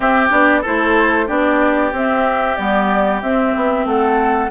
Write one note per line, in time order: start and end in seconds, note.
0.00 0.29 C4
0.00 0.30 C4
0.00 0.61 G4
0.00 0.29 E5
0.30 0.63 B3
0.30 0.62 D4
0.30 0.64 D5
0.61 1.27 E4
0.61 1.25 A4
0.61 1.28 C5
0.67 1.29 A3
1.27 1.92 B3
1.27 1.91 D4
1.27 3.85 G4
1.27 1.92 D5
1.92 2.56 C4
1.92 2.57 C4
1.92 2.56 E5
2.56 3.22 G3
2.56 3.22 B3
2.56 3.20 D5
3.21 3.54 C4
3.21 4.50 C4
3.21 3.86 E5
3.56 3.85 B3
3.85 4.49 A3
3.85 4.50 A4
3.85 4.50 F#5